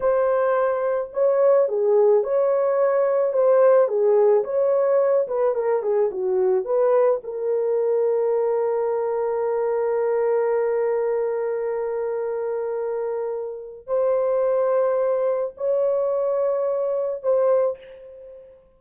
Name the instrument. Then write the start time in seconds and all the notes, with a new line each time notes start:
horn
0.00 C5
1.13 C#5
1.68 G#4
2.23 C#5
3.33 C5
3.88 G#4
4.44 C#5
5.27 B4
5.54 A#4
5.82 G#4
6.11 F#4
6.64 B4
7.23 A#4
13.86 C5
15.57 C#5
17.22 C5